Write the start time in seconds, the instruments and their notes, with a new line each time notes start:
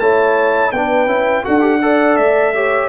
0.00 tuba A3, trombone E4, horn C#5, trumpet A5
0.72 tuba B3, trombone D4, horn B4, trumpet G5
1.07 tuba C#4, trombone E4
1.44 tuba D4, trombone F#4, horn A4, trumpet F#5
1.61 trombone G4
1.82 trombone A4, horn D5
2.17 tuba A3, trumpet E5
2.55 trombone G4, horn C#5